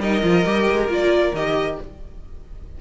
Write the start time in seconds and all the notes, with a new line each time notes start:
0.00 G3 D#4 A#4 D#5
0.22 F3 F4
0.45 G3 G4
0.71 G#3
0.88 A#3 F4 D5
1.33 D#3 G4 D#5